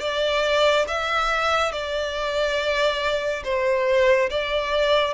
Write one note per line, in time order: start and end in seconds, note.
0.00 0.86 D5
0.87 1.72 E5
1.72 3.43 D5
3.44 4.29 C5
4.30 5.14 D5